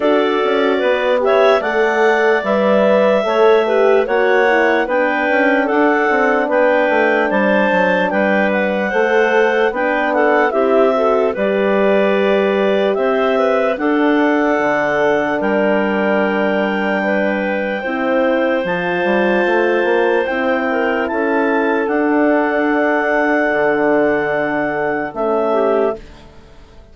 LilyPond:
<<
  \new Staff \with { instrumentName = "clarinet" } { \time 4/4 \tempo 4 = 74 d''4. e''8 fis''4 e''4~ | e''4 fis''4 g''4 fis''4 | g''4 a''4 g''8 fis''4. | g''8 fis''8 e''4 d''2 |
e''4 fis''2 g''4~ | g''2. a''4~ | a''4 g''4 a''4 fis''4~ | fis''2. e''4 | }
  \new Staff \with { instrumentName = "clarinet" } { \time 4/4 a'4 b'8 cis''8 d''2 | cis''8 b'8 cis''4 b'4 a'4 | b'4 c''4 b'4 c''4 | b'8 a'8 g'8 a'8 b'2 |
c''8 b'8 a'2 ais'4~ | ais'4 b'4 c''2~ | c''4. ais'8 a'2~ | a'2.~ a'8 g'8 | }
  \new Staff \with { instrumentName = "horn" } { \time 4/4 fis'4. g'8 a'4 b'4 | a'8 g'8 fis'8 e'8 d'2~ | d'2. a'4 | d'4 e'8 fis'8 g'2~ |
g'4 d'2.~ | d'2 e'4 f'4~ | f'4 e'2 d'4~ | d'2. cis'4 | }
  \new Staff \with { instrumentName = "bassoon" } { \time 4/4 d'8 cis'8 b4 a4 g4 | a4 ais4 b8 cis'8 d'8 c'8 | b8 a8 g8 fis8 g4 a4 | b4 c'4 g2 |
c'4 d'4 d4 g4~ | g2 c'4 f8 g8 | a8 ais8 c'4 cis'4 d'4~ | d'4 d2 a4 | }
>>